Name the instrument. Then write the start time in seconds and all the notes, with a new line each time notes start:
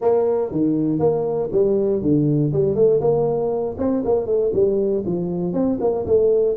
tuba
0.01 A#3
0.51 D#3
0.99 A#3
1.52 G3
2.02 D3
2.53 G3
2.75 A3
3.00 A#3
3.77 C4
4.05 A#3
4.26 A3
4.53 G3
5.06 F3
5.53 C4
5.80 A#3
6.06 A3